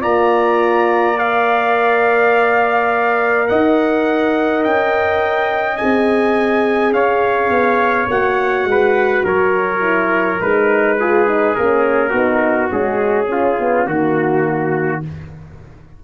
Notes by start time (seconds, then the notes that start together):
0.00 A#3 F4 D5 A#5
1.16 A#4 F5
3.48 D#4 D#5 F#5
4.64 C#4 G5
5.77 C4 G#4 G#5
6.92 C#4 C#5 F5
7.50 B3
8.09 A#3 F#4 F#5
8.65 G#3 B4
9.25 F#3 A#4 C#5
9.80 E4
10.40 G#3 D#4 B4
10.99 F4 G#4
11.27 D#4
11.55 A#3 C#4 A#4
12.10 B3 D#4 F#4
12.72 G#3 C#4 G#4
13.26 C#4 F4
13.59 B3
13.86 D#3 A#3 F#4